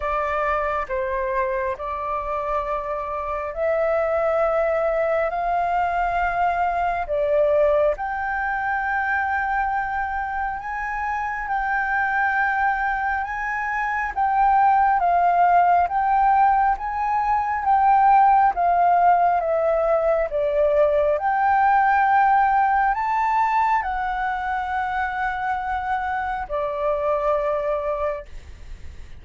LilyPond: \new Staff \with { instrumentName = "flute" } { \time 4/4 \tempo 4 = 68 d''4 c''4 d''2 | e''2 f''2 | d''4 g''2. | gis''4 g''2 gis''4 |
g''4 f''4 g''4 gis''4 | g''4 f''4 e''4 d''4 | g''2 a''4 fis''4~ | fis''2 d''2 | }